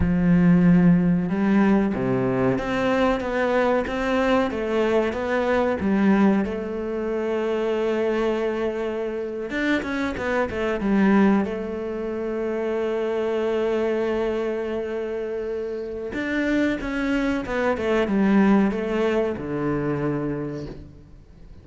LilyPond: \new Staff \with { instrumentName = "cello" } { \time 4/4 \tempo 4 = 93 f2 g4 c4 | c'4 b4 c'4 a4 | b4 g4 a2~ | a2~ a8. d'8 cis'8 b16~ |
b16 a8 g4 a2~ a16~ | a1~ | a4 d'4 cis'4 b8 a8 | g4 a4 d2 | }